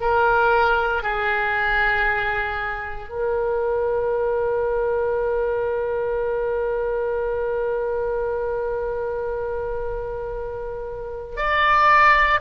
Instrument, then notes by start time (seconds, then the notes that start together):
oboe
0.00 A#4
1.03 G#4
3.09 A#4
11.36 D5